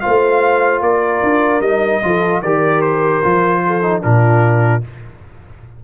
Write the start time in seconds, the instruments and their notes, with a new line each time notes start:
0.00 tuba A3, trombone F4, horn C5, trumpet F5
0.81 tuba A#3, horn A#4, trumpet D5
1.23 tuba D4
1.60 tuba G3, trombone D#4, trumpet D#5
2.02 tuba F3, trombone F4, horn A4
2.41 tuba D#3, trombone G4, horn A#4, trumpet D5
2.81 trumpet C5
3.23 tuba F3, trombone F4
3.66 horn A4
3.82 trombone D#4
4.02 tuba A#2, trombone D4, horn F4, trumpet A#4